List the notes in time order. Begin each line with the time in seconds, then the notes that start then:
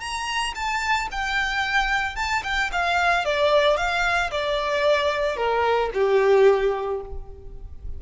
0.00 A#5
0.55 A5
1.11 G5
2.16 A5
2.43 G5
2.72 F5
3.25 D5
3.77 F5
4.31 D5
5.36 A#4
5.94 G4